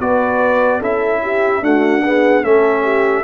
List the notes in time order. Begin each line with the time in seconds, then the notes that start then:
0.00 B3 F#4 B4 D5
0.80 C#4 E4 A4 E5
1.23 G4
1.62 A3 D4 F#4 F#5
2.04 B3 G#4
2.44 A3 C#4 A4 E5
2.83 G4